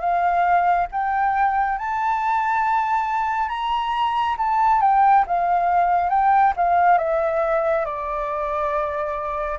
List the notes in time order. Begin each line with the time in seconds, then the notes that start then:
0.00 F5
0.92 G5
1.79 A5
3.49 A#5
4.38 A5
4.81 G5
5.27 F5
6.10 G5
6.57 F5
6.98 E5
7.85 D5